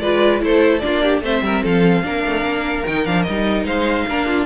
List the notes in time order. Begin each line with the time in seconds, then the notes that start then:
0.00 G#3 F4 B4 D5
0.40 A3 E4 A4 C5
0.80 A#3 D4 F4 D5
1.03 G4
1.22 A3 C4 C5 E5
1.42 G3 A#4
1.63 F3 A4 F5
2.03 A#3 D4 A#4
2.26 A3
2.43 A#3
2.87 D#3 D#4 G5
3.06 F3 D4 F5
3.23 G3 D#5
3.30 D#4
3.65 G#3 C5 F5
4.09 A#3 D4 A#4
4.26 F4